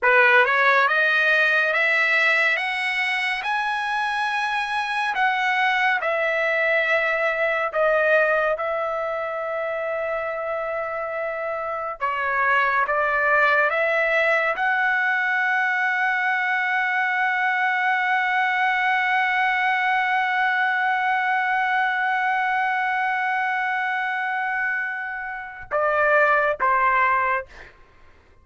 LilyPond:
\new Staff \with { instrumentName = "trumpet" } { \time 4/4 \tempo 4 = 70 b'8 cis''8 dis''4 e''4 fis''4 | gis''2 fis''4 e''4~ | e''4 dis''4 e''2~ | e''2 cis''4 d''4 |
e''4 fis''2.~ | fis''1~ | fis''1~ | fis''2 d''4 c''4 | }